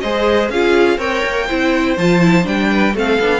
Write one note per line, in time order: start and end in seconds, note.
0.00 0.49 G#3
0.00 0.52 G#4
0.00 0.51 C5
0.00 0.49 D#5
0.49 0.97 C#4
0.49 0.98 F4
0.49 0.98 G#4
0.49 0.99 F5
0.98 1.22 C4
0.98 1.47 A#4
0.98 1.46 C#5
0.98 1.97 G5
1.25 1.49 A#3
1.46 1.97 C4
1.46 1.97 E4
1.46 2.68 C5
1.97 2.45 F3
1.97 2.21 F4
1.97 2.46 A5
2.21 2.43 E4
2.43 2.94 G3
2.43 2.92 D4
2.43 2.96 G5
2.70 2.94 B4
2.94 3.19 A3
2.94 3.20 C4
2.94 3.40 A4
2.94 3.40 F5
3.19 3.40 B3
3.19 3.40 D4